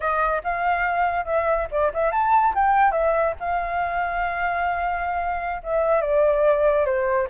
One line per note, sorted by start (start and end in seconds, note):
0.00 0.42 D#5
0.43 1.25 F5
1.25 1.67 E5
1.71 1.92 D5
1.93 2.11 E5
2.11 2.54 A5
2.55 2.91 G5
2.91 3.34 E5
3.39 5.61 F5
5.63 6.01 E5
6.01 6.85 D5
6.85 7.28 C5